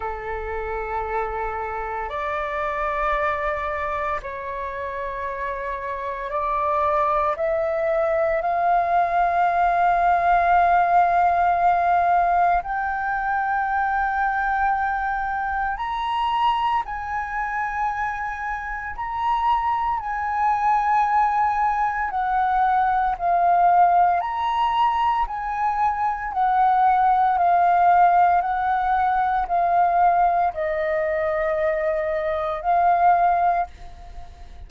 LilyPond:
\new Staff \with { instrumentName = "flute" } { \time 4/4 \tempo 4 = 57 a'2 d''2 | cis''2 d''4 e''4 | f''1 | g''2. ais''4 |
gis''2 ais''4 gis''4~ | gis''4 fis''4 f''4 ais''4 | gis''4 fis''4 f''4 fis''4 | f''4 dis''2 f''4 | }